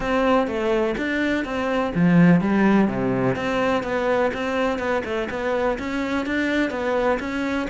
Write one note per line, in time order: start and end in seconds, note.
0.00 0.47 C4
0.47 0.95 A3
0.97 1.44 D4
1.44 1.92 C4
1.94 2.40 F3
2.40 2.88 G3
2.88 3.35 C3
3.35 3.83 C4
3.83 4.31 B3
4.33 4.78 C4
4.78 5.02 B3
5.04 5.28 A3
5.30 5.78 B3
5.78 6.26 C#4
6.26 6.70 D4
6.70 7.18 B3
7.19 7.67 C#4